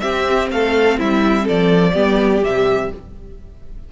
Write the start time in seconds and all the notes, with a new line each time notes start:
0.00 C4 G4 E5
0.51 A3 A4 F5
0.99 G3 E4 E5
1.44 F3 A4 D5
1.93 G3 B3 G4
2.43 C3 G3 E5